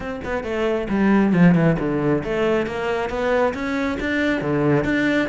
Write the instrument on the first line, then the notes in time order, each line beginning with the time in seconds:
cello
0.00 C4
0.24 B3
0.43 A3
0.89 G3
1.32 F3
1.54 E3
1.79 D3
2.24 A3
2.66 A#3
3.09 B3
3.54 C#4
3.99 D4
4.41 D3
4.84 D4